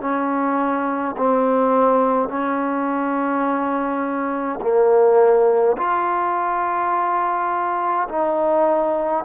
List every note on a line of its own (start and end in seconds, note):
0.00 1.15 C#4
1.17 2.28 C4
2.28 4.59 C#4
4.60 5.76 A#3
5.77 8.08 F4
8.09 9.24 D#4